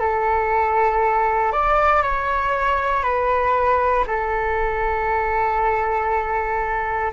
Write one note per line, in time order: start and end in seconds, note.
0.00 1.52 A4
1.52 2.03 D5
2.03 3.03 C#5
3.03 4.05 B4
4.07 7.12 A4